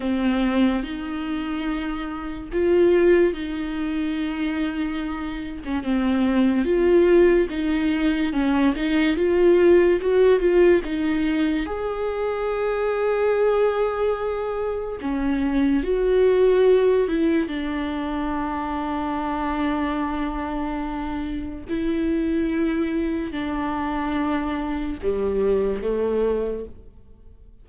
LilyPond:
\new Staff \with { instrumentName = "viola" } { \time 4/4 \tempo 4 = 72 c'4 dis'2 f'4 | dis'2~ dis'8. cis'16 c'4 | f'4 dis'4 cis'8 dis'8 f'4 | fis'8 f'8 dis'4 gis'2~ |
gis'2 cis'4 fis'4~ | fis'8 e'8 d'2.~ | d'2 e'2 | d'2 g4 a4 | }